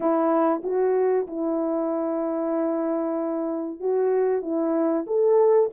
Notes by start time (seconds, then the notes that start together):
0.00 E4
0.63 F#4
1.27 E4
3.80 F#4
4.42 E4
5.07 A4